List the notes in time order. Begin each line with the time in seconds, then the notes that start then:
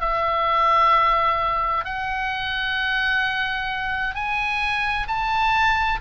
0.00 E5
1.85 F#5
4.15 G#5
5.08 A5